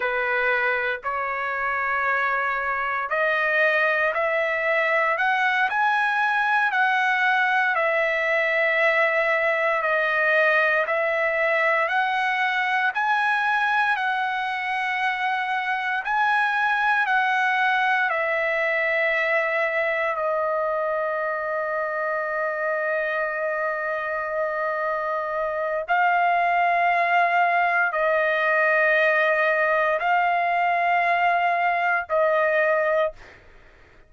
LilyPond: \new Staff \with { instrumentName = "trumpet" } { \time 4/4 \tempo 4 = 58 b'4 cis''2 dis''4 | e''4 fis''8 gis''4 fis''4 e''8~ | e''4. dis''4 e''4 fis''8~ | fis''8 gis''4 fis''2 gis''8~ |
gis''8 fis''4 e''2 dis''8~ | dis''1~ | dis''4 f''2 dis''4~ | dis''4 f''2 dis''4 | }